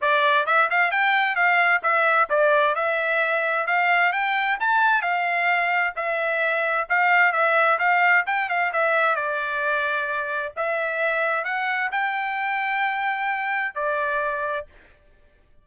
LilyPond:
\new Staff \with { instrumentName = "trumpet" } { \time 4/4 \tempo 4 = 131 d''4 e''8 f''8 g''4 f''4 | e''4 d''4 e''2 | f''4 g''4 a''4 f''4~ | f''4 e''2 f''4 |
e''4 f''4 g''8 f''8 e''4 | d''2. e''4~ | e''4 fis''4 g''2~ | g''2 d''2 | }